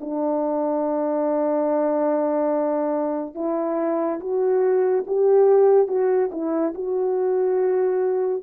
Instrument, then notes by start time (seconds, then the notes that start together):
horn
0.00 D4
3.35 E4
4.20 F#4
5.07 G4
5.87 F#4
6.31 E4
6.74 F#4